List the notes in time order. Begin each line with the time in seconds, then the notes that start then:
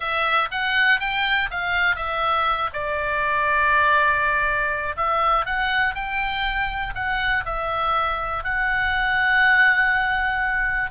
0.00 E5
0.51 F#5
1.00 G5
1.50 F5
1.95 E5
2.73 D5
4.96 E5
5.45 F#5
5.94 G5
6.94 F#5
7.45 E5
8.44 F#5